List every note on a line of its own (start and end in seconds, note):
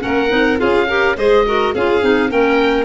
0.00 0.32 A#3
0.00 0.29 C#4
0.00 0.60 A#4
0.00 0.59 F#5
0.29 0.60 C4
0.29 0.58 D#4
0.58 1.17 C#4
0.58 0.87 F4
0.58 0.88 G#4
0.58 1.17 F5
0.88 1.17 G4
0.88 1.17 A#4
1.17 1.74 G#3
1.17 1.46 G#4
1.17 1.46 C5
1.17 1.75 D#5
1.46 1.75 F#4
1.46 1.75 A#4
1.75 2.03 C#4
1.75 2.02 F4
1.75 2.30 G#4
1.75 2.31 F5
2.02 2.32 C4
2.02 2.29 D#4
2.29 2.85 A#3
2.29 2.85 C#4
2.29 2.85 A#4
2.29 2.85 G5